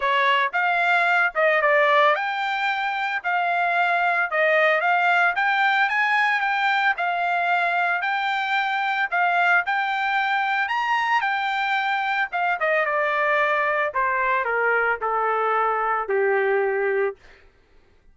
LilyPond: \new Staff \with { instrumentName = "trumpet" } { \time 4/4 \tempo 4 = 112 cis''4 f''4. dis''8 d''4 | g''2 f''2 | dis''4 f''4 g''4 gis''4 | g''4 f''2 g''4~ |
g''4 f''4 g''2 | ais''4 g''2 f''8 dis''8 | d''2 c''4 ais'4 | a'2 g'2 | }